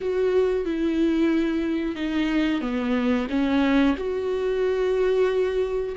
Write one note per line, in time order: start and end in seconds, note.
0.01 0.65 F#4
0.65 1.95 E4
1.95 2.61 D#4
2.61 3.27 B3
3.29 3.95 C#4
3.97 5.95 F#4